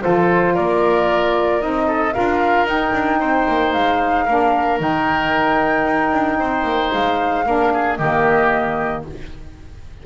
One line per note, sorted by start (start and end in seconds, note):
0.00 0.57 F3
0.00 1.59 F4
0.00 0.54 A4
0.00 0.55 C5
0.54 1.62 A#3
0.54 1.86 A#4
0.54 1.61 D5
1.59 2.15 C4
1.59 2.12 D#4
1.59 2.13 D#5
1.87 2.13 A4
2.13 2.64 D4
2.13 2.66 F4
2.13 3.19 A#4
2.13 2.66 F5
2.64 2.90 D#4
2.64 4.27 D#4
2.64 3.72 G5
2.93 3.20 D4
3.19 3.46 C4
3.19 4.25 C5
3.48 3.74 A#3
3.72 4.27 G#3
3.72 4.78 F5
4.25 4.79 A#3
4.25 4.78 D4
4.25 6.37 A#4
4.78 5.85 D#3
4.78 7.44 D#4
4.78 6.93 G5
5.85 6.12 D#4
6.12 6.38 D4
6.39 6.63 C4
6.39 7.45 C5
6.63 6.89 A#3
6.93 7.46 G#3
6.93 7.96 F5
7.45 7.99 A#3
7.45 7.98 D4
7.45 7.72 A#4
7.73 7.98 G#4
7.96 9.05 D#3
7.96 9.05 A#3
7.96 9.04 G4
7.96 9.02 D#5